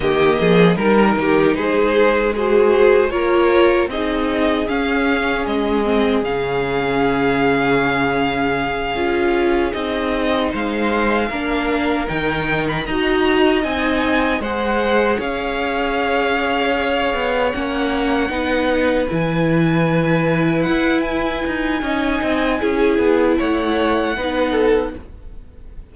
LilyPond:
<<
  \new Staff \with { instrumentName = "violin" } { \time 4/4 \tempo 4 = 77 dis''4 ais'4 c''4 gis'4 | cis''4 dis''4 f''4 dis''4 | f''1~ | f''8 dis''4 f''2 g''8~ |
g''16 b''16 ais''4 gis''4 fis''4 f''8~ | f''2~ f''8 fis''4.~ | fis''8 gis''2 fis''8 gis''4~ | gis''2 fis''2 | }
  \new Staff \with { instrumentName = "violin" } { \time 4/4 g'8 gis'8 ais'8 g'8 gis'4 c''4 | ais'4 gis'2.~ | gis'1~ | gis'4. c''4 ais'4.~ |
ais'8 dis''2 c''4 cis''8~ | cis''2.~ cis''8 b'8~ | b'1 | dis''4 gis'4 cis''4 b'8 a'8 | }
  \new Staff \with { instrumentName = "viola" } { \time 4/4 ais4 dis'2 fis'4 | f'4 dis'4 cis'4. c'8 | cis'2.~ cis'8 f'8~ | f'8 dis'2 d'4 dis'8~ |
dis'8 fis'4 dis'4 gis'4.~ | gis'2~ gis'8 cis'4 dis'8~ | dis'8 e'2.~ e'8 | dis'4 e'2 dis'4 | }
  \new Staff \with { instrumentName = "cello" } { \time 4/4 dis8 f8 g8 dis8 gis2 | ais4 c'4 cis'4 gis4 | cis2.~ cis8 cis'8~ | cis'8 c'4 gis4 ais4 dis8~ |
dis8 dis'4 c'4 gis4 cis'8~ | cis'2 b8 ais4 b8~ | b8 e2 e'4 dis'8 | cis'8 c'8 cis'8 b8 a4 b4 | }
>>